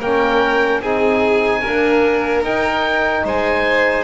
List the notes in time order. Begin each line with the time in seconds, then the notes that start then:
0.00 A#3 C#4 A#4 G5
0.81 C4 D#4 G#4 G#5
1.62 A#3 D4 A#4
2.43 D#4 G5
3.25 G#3 C5 G#5